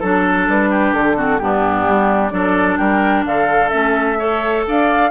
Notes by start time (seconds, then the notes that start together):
0.00 F#3 D4 A4
0.49 G3 B4
0.71 G4
0.94 D3 A4
1.16 C4 F#4
1.39 G2 B3 D4 G4
1.88 G3
2.30 F#3 D4 A4 D5
2.77 G3 A#4 G5
3.25 D3 A4 F5
3.69 A3 C#4 E5
4.19 A4 C#5
4.67 D4 D5 F5